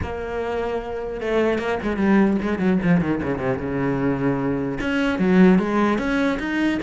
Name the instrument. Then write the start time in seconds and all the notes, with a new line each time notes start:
cello
0.02 A#3
1.20 A3
1.58 A#3
1.82 G#3
1.97 G3
2.42 G#3
2.59 F#3
2.83 F3
3.00 D#3
3.22 C#3
3.38 C3
3.58 C#3
4.80 C#4
5.19 F#3
5.58 G#3
5.98 C#4
6.39 D#4